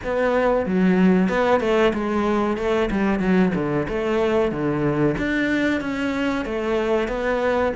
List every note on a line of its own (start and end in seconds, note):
0.04 0.65 B3
0.65 1.28 F#3
1.28 1.60 B3
1.60 1.92 A3
1.93 2.57 G#3
2.57 2.89 A3
2.91 3.19 G3
3.19 3.52 F#3
3.55 3.87 D3
3.88 4.51 A3
4.51 5.16 D3
5.17 5.81 D4
5.81 6.45 C#4
6.45 7.08 A3
7.08 7.72 B3